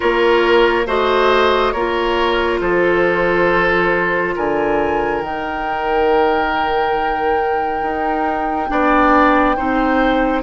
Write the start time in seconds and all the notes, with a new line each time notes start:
0.00 A#3 F4 A#4 C#5
0.86 A3 F#4 C5 D#5
1.72 A#3 F4 A#4 C#5
2.60 F3 A4 C5
4.35 D3 A#4 G#5
5.21 D#3 D#4 G5
7.82 D#4
8.68 B3 D4 D5
9.56 C4 D#4 C5